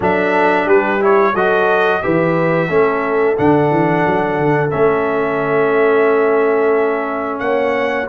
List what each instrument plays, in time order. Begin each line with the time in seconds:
0.00 tuba F#3, trombone D4, horn A4, trumpet E5
0.65 tuba G3, horn G4, trumpet B4
1.00 trombone E4, trumpet C#5
1.33 tuba F#3, trombone F#4, horn A4, trumpet D#5
2.02 tuba E3, trombone G4, horn B4, trumpet E5
2.69 tuba A3, trombone C#4, horn A4
3.37 tuba D3, trombone D4, trumpet F#5
3.71 tuba E3
4.06 tuba F#3
4.38 tuba D3
4.70 tuba A3, trombone C#4, trumpet E5
7.39 tuba A#3, horn C#5, trumpet F#5